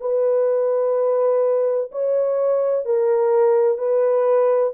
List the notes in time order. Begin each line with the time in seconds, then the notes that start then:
0.00 B4
1.92 C#5
2.85 A#4
3.78 B4